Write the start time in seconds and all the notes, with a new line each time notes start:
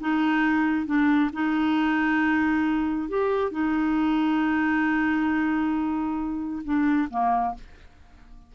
0.00 D#4
0.86 D4
1.33 D#4
3.08 G4
3.51 D#4
6.64 D4
7.10 A#3